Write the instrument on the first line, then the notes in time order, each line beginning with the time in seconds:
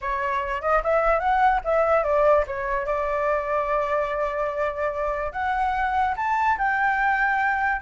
flute
0.01 C#5
0.61 D#5
0.83 E5
1.19 F#5
1.64 E5
2.03 D5
2.47 C#5
2.86 D5
5.32 F#5
6.16 A5
6.58 G5